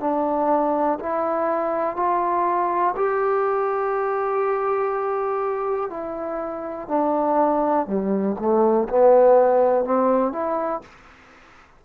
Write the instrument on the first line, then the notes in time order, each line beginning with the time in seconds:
trombone
0.00 D4
0.99 E4
1.96 F4
2.96 G4
5.90 E4
6.88 D4
7.86 G3
8.39 A3
8.89 B3
9.85 C4
10.32 E4